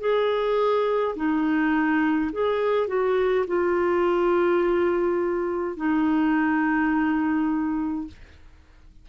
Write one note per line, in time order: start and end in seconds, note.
0.00 1.15 G#4
1.15 2.31 D#4
2.32 2.87 G#4
2.87 3.45 F#4
3.47 5.76 F4
5.76 8.07 D#4